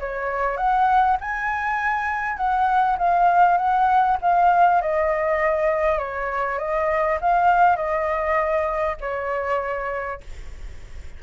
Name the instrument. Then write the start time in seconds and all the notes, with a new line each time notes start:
flute
0.00 C#5
0.58 F#5
1.21 G#5
2.37 F#5
2.99 F5
3.58 F#5
4.22 F5
4.82 D#5
5.99 C#5
6.59 D#5
7.21 F5
7.77 D#5
9.01 C#5